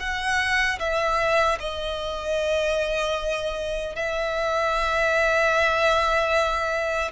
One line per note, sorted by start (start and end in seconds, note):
0.00 0.79 F#5
0.80 1.59 E5
1.60 3.96 D#5
3.96 7.12 E5